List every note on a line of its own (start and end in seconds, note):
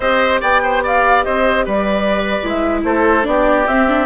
0.00 0.41 C4
0.00 2.43 G4
0.00 0.40 C5
0.00 0.40 D#5
0.40 1.26 B3
0.40 0.61 D5
0.40 0.84 G5
0.63 0.83 C5
0.83 1.25 D5
0.83 1.24 F5
1.24 1.66 C4
1.24 1.65 C5
1.24 1.66 D#5
1.65 2.39 G3
1.65 2.80 B4
1.65 2.48 D5
2.43 2.83 G#3
2.43 3.23 E4
2.43 2.80 E5
2.83 3.25 A3
2.83 3.27 A4
2.83 3.25 C5
3.23 3.67 B3
3.23 3.65 D4
3.23 4.06 G4
3.23 3.67 D5
3.67 4.06 C4
3.67 3.87 C4
3.67 4.06 E5
3.87 4.06 D4